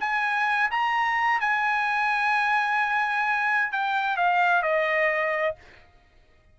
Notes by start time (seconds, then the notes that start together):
0.00 G#5
0.71 A#5
1.40 G#5
3.72 G5
4.17 F5
4.62 D#5